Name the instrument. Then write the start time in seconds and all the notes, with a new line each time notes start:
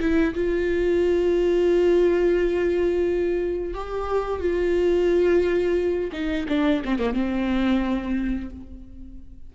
viola
0.00 E4
0.34 F4
3.74 G4
4.40 F4
6.12 D#4
6.48 D4
6.85 C4
6.99 A#3
7.14 C4